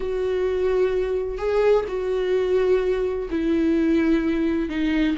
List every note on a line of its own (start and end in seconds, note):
0.00 1.37 F#4
1.37 1.84 G#4
1.88 3.28 F#4
3.30 4.69 E4
4.69 5.16 D#4